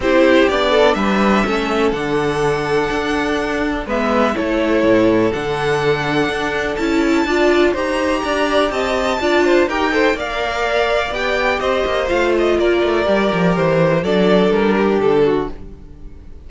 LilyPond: <<
  \new Staff \with { instrumentName = "violin" } { \time 4/4 \tempo 4 = 124 c''4 d''4 e''2 | fis''1 | e''4 cis''2 fis''4~ | fis''2 a''2 |
ais''2 a''2 | g''4 f''2 g''4 | dis''4 f''8 dis''8 d''2 | c''4 d''4 ais'4 a'4 | }
  \new Staff \with { instrumentName = "violin" } { \time 4/4 g'4. a'8 b'4 a'4~ | a'1 | b'4 a'2.~ | a'2. d''4 |
c''4 d''4 dis''4 d''8 c''8 | ais'8 c''8 d''2. | c''2 ais'2~ | ais'4 a'4. g'4 fis'8 | }
  \new Staff \with { instrumentName = "viola" } { \time 4/4 e'4 d'2 cis'4 | d'1 | b4 e'2 d'4~ | d'2 e'4 f'4 |
g'2. f'4 | g'8 a'8 ais'2 g'4~ | g'4 f'2 g'4~ | g'4 d'2. | }
  \new Staff \with { instrumentName = "cello" } { \time 4/4 c'4 b4 g4 a4 | d2 d'2 | gis4 a4 a,4 d4~ | d4 d'4 cis'4 d'4 |
dis'4 d'4 c'4 d'4 | dis'4 ais2 b4 | c'8 ais8 a4 ais8 a8 g8 f8 | e4 fis4 g4 d4 | }
>>